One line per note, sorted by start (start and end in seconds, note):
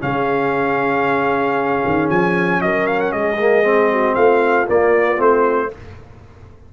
0.00 1.83 C#3
0.00 3.36 C#4
0.00 2.61 G#4
0.00 2.08 F5
1.85 2.09 D#3
2.09 2.61 F3
2.09 2.61 G#5
2.61 3.12 F#3
2.61 3.14 A#4
2.61 2.87 D#5
2.87 2.99 F5
2.99 3.12 F#5
3.12 4.15 G#3
3.12 3.91 G#4
3.12 4.15 D#5
3.39 3.62 A#3
3.62 4.66 C4
3.91 4.14 F#4
4.14 4.67 A3
4.14 5.69 F4
4.14 4.66 F5
4.66 5.16 A#3
4.66 5.19 A#3
4.66 5.21 D5
5.16 5.71 A3
5.16 5.68 C4
5.16 5.73 C5